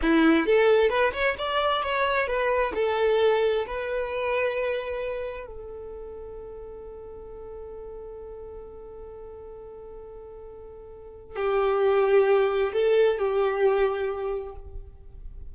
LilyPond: \new Staff \with { instrumentName = "violin" } { \time 4/4 \tempo 4 = 132 e'4 a'4 b'8 cis''8 d''4 | cis''4 b'4 a'2 | b'1 | a'1~ |
a'1~ | a'1~ | a'4 g'2. | a'4 g'2. | }